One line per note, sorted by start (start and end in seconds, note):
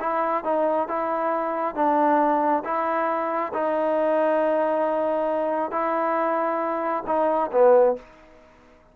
0.00 0.44 E4
0.44 0.88 D#4
0.88 1.75 E4
1.75 2.64 D4
2.65 3.53 E4
3.54 5.72 D#4
5.72 7.04 E4
7.07 7.51 D#4
7.52 7.96 B3